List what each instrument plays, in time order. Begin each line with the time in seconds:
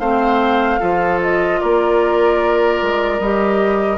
0.00 bassoon A3, clarinet C4, oboe C5, flute F5
0.80 bassoon F3, clarinet F4, oboe A4
1.22 flute D#5
1.61 bassoon A#3, oboe A#4, flute D5
2.82 bassoon G#3
3.20 bassoon G3, clarinet G4, flute D#5